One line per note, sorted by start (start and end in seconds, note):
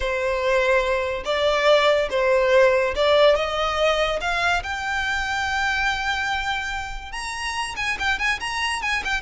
0.00 1.23 C5
1.24 2.08 D5
2.10 2.94 C5
2.95 3.35 D5
3.35 4.19 D#5
4.20 4.62 F5
4.63 7.12 G5
7.12 7.75 A#5
7.76 7.97 G#5
7.99 8.18 G5
8.18 8.39 G#5
8.40 8.81 A#5
8.82 9.03 G#5
9.04 9.21 G5